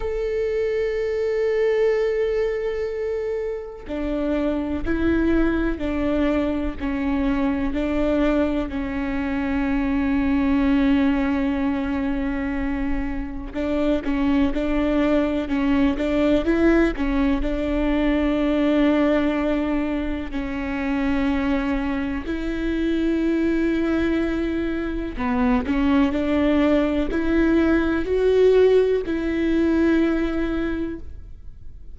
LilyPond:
\new Staff \with { instrumentName = "viola" } { \time 4/4 \tempo 4 = 62 a'1 | d'4 e'4 d'4 cis'4 | d'4 cis'2.~ | cis'2 d'8 cis'8 d'4 |
cis'8 d'8 e'8 cis'8 d'2~ | d'4 cis'2 e'4~ | e'2 b8 cis'8 d'4 | e'4 fis'4 e'2 | }